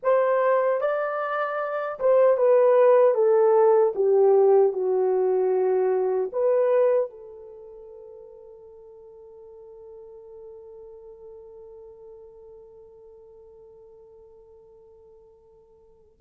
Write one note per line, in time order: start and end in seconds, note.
0.02 0.80 C5
0.80 1.99 D5
1.99 2.37 C5
2.37 3.14 B4
3.14 3.93 A4
3.95 4.72 G4
4.72 6.30 F#4
6.32 7.10 B4
7.10 16.18 A4